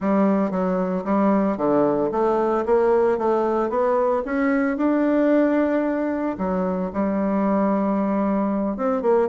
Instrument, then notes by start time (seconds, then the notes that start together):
bassoon
0.00 G3
0.50 F#3
1.04 G3
1.57 D3
2.11 A3
2.65 A#3
3.18 A3
3.69 B3
4.25 C#4
4.77 D4
6.38 F#3
6.93 G3
8.76 C4
9.01 A#3